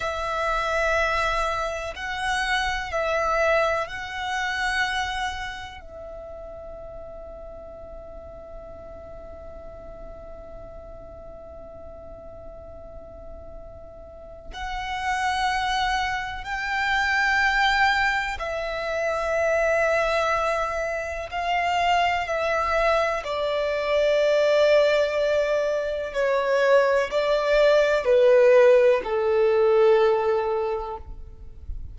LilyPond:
\new Staff \with { instrumentName = "violin" } { \time 4/4 \tempo 4 = 62 e''2 fis''4 e''4 | fis''2 e''2~ | e''1~ | e''2. fis''4~ |
fis''4 g''2 e''4~ | e''2 f''4 e''4 | d''2. cis''4 | d''4 b'4 a'2 | }